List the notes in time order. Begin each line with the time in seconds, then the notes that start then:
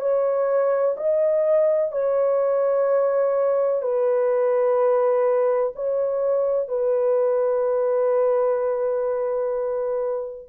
0.00 C#5
0.97 D#5
1.92 C#5
3.82 B4
5.75 C#5
6.68 B4